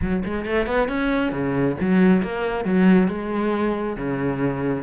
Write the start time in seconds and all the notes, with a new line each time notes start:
0.01 F#3
0.24 G#3
0.45 A3
0.66 B3
0.88 C#4
1.32 C#3
1.80 F#3
2.22 A#3
2.65 F#3
3.08 G#3
3.96 C#3